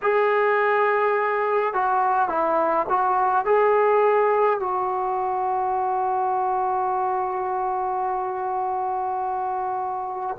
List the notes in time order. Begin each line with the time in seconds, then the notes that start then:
0.02 G#4
1.73 F#4
2.28 E4
2.88 F#4
3.45 G#4
4.59 F#4